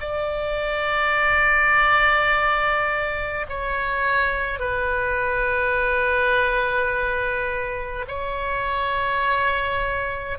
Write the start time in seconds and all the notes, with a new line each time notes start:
0.00 D5
3.49 C#5
4.59 B4
8.08 C#5